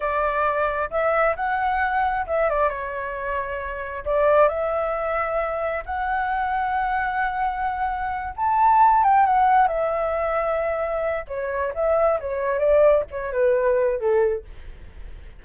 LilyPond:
\new Staff \with { instrumentName = "flute" } { \time 4/4 \tempo 4 = 133 d''2 e''4 fis''4~ | fis''4 e''8 d''8 cis''2~ | cis''4 d''4 e''2~ | e''4 fis''2.~ |
fis''2~ fis''8 a''4. | g''8 fis''4 e''2~ e''8~ | e''4 cis''4 e''4 cis''4 | d''4 cis''8 b'4. a'4 | }